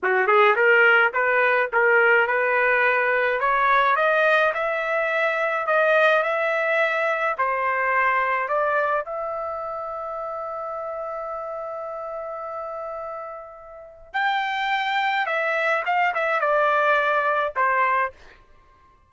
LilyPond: \new Staff \with { instrumentName = "trumpet" } { \time 4/4 \tempo 4 = 106 fis'8 gis'8 ais'4 b'4 ais'4 | b'2 cis''4 dis''4 | e''2 dis''4 e''4~ | e''4 c''2 d''4 |
e''1~ | e''1~ | e''4 g''2 e''4 | f''8 e''8 d''2 c''4 | }